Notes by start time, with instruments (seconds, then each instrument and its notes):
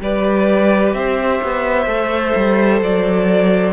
0.00 cello G3, viola G4, violin B4 D5
0.93 cello C4, violin C5 E5
1.43 cello B3
1.86 cello A3, viola A4
2.35 cello G3
2.81 cello F#3, violin D5